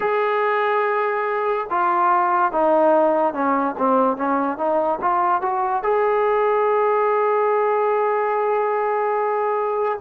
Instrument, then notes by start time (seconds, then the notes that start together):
trombone
0.00 G#4
1.70 F4
2.52 D#4
3.33 C#4
3.78 C4
4.17 C#4
4.57 D#4
5.01 F4
5.41 F#4
5.83 G#4